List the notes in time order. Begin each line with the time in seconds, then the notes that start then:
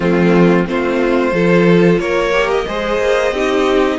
0.00 F3 A3 C4 F4
0.66 A3 C4 F4 C5
1.32 F3 F4 A4
1.98 A#3 A#4 C#5
2.32 G4
2.50 D#5
2.66 G#3 G#4 C5
2.98 A#3
3.31 C4 D#4 G4